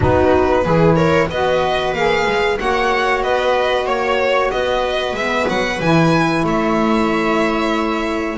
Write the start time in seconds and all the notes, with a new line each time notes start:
0.00 B3 D#4 F#4 B4
0.64 E3 E4 G#4
0.95 A#4 C#5
1.29 B3 F#4 B4 D#5
1.92 A#3 G#4 F5
2.26 G#3
2.58 A#3 F#4 C#5 F#5
3.22 B3 B4 D#5
3.86 A#3 C#5
4.50 B3 B4 D#5
5.12 G#3 E5
5.18 B3
5.48 F#3 F#5
5.80 E3 E4 G#5
6.43 A3 C#5 E5